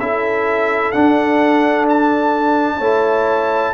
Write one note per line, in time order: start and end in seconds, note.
0.00 0.94 C#4
0.00 0.94 E4
0.00 2.78 A4
0.00 0.92 E5
0.92 2.81 D4
0.92 2.80 D4
0.92 1.86 F#5
1.89 3.74 A5
2.78 3.74 A3
2.78 3.74 E4
2.78 3.71 C#5